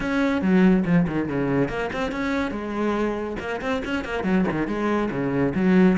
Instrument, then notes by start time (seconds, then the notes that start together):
cello
0.00 C#4
0.41 F#3
0.85 F3
1.07 D#3
1.28 C#3
1.68 A#3
1.92 C4
2.11 C#4
2.51 G#3
3.39 A#3
3.61 C4
3.85 C#4
4.04 A#3
4.23 F#3
4.51 D#3
4.67 G#3
5.11 C#3
5.54 F#3